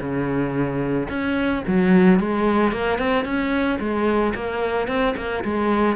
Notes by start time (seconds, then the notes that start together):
0.00 C#3
1.09 C#4
1.67 F#3
2.19 G#3
2.72 A#3
2.98 C4
3.25 C#4
3.79 G#3
4.35 A#3
4.87 C4
5.16 A#3
5.44 G#3